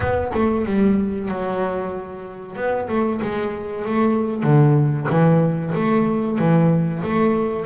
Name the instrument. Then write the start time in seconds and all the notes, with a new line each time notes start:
double bass
0.00 B3
0.34 A3
0.65 G3
1.28 F#3
2.56 B3
2.88 A3
3.21 G#3
3.85 A3
4.43 D3
5.09 E3
5.74 A3
6.38 E3
7.03 A3